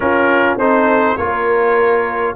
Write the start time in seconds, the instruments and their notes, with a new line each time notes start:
0.00 trombone C#4, tuba C#4, horn F4, trumpet A#4
0.56 tuba C4, trombone D#4, horn A4, trumpet C5
1.17 tuba A#3, trombone F4, horn A#4, trumpet C#5